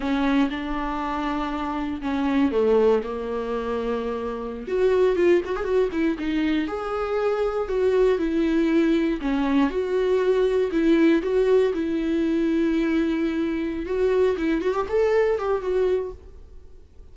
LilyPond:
\new Staff \with { instrumentName = "viola" } { \time 4/4 \tempo 4 = 119 cis'4 d'2. | cis'4 a4 ais2~ | ais4~ ais16 fis'4 f'8 fis'16 gis'16 fis'8 e'16~ | e'16 dis'4 gis'2 fis'8.~ |
fis'16 e'2 cis'4 fis'8.~ | fis'4~ fis'16 e'4 fis'4 e'8.~ | e'2.~ e'8 fis'8~ | fis'8 e'8 fis'16 g'16 a'4 g'8 fis'4 | }